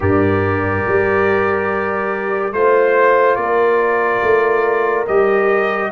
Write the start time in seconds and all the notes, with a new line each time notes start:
0.00 G2 G4 A#4 D5
0.86 G3
2.51 A3 F4 C5
3.35 A#3 D5
3.42 A#4
4.22 A3
5.07 G3 G4 D#5